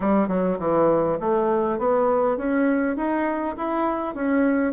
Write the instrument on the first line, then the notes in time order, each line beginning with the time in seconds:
bassoon
0.00 G3
0.28 F#3
0.59 E3
1.20 A3
1.78 B3
2.37 C#4
2.96 D#4
3.57 E4
4.14 C#4